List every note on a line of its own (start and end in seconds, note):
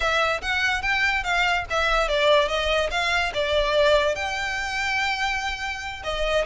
0.00 0.41 E5
0.41 0.81 F#5
0.81 1.23 G5
1.23 1.65 F5
1.70 2.08 E5
2.08 2.48 D5
2.48 2.90 D#5
2.90 3.32 F5
3.34 4.15 D5
4.15 6.02 G5
6.03 6.45 D#5